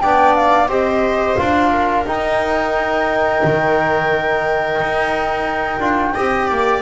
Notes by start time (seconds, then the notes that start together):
0.00 B3 D4 D5 G5
0.34 F5
0.68 C4 G4 C5 D#5
1.37 D4 F4 F5
1.72 A#4
2.06 D#4 G5
3.44 D#3
4.81 D#4
5.80 D4 F4
6.14 C4 G4 D#5
6.48 A#3 D5